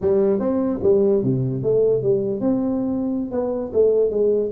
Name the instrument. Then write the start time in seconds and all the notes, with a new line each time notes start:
tuba
0.01 G3
0.39 C4
0.82 G3
1.23 C3
1.63 A3
2.02 G3
2.40 C4
3.31 B3
3.73 A3
4.10 G#3